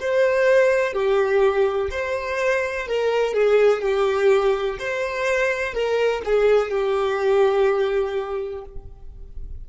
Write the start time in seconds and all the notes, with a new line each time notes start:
0.00 C5
0.93 G4
1.90 C5
2.87 A#4
3.34 G#4
3.82 G4
4.79 C5
5.74 A#4
6.25 G#4
6.71 G4